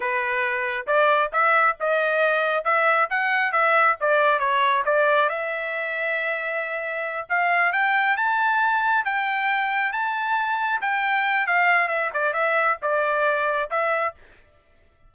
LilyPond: \new Staff \with { instrumentName = "trumpet" } { \time 4/4 \tempo 4 = 136 b'2 d''4 e''4 | dis''2 e''4 fis''4 | e''4 d''4 cis''4 d''4 | e''1~ |
e''8 f''4 g''4 a''4.~ | a''8 g''2 a''4.~ | a''8 g''4. f''4 e''8 d''8 | e''4 d''2 e''4 | }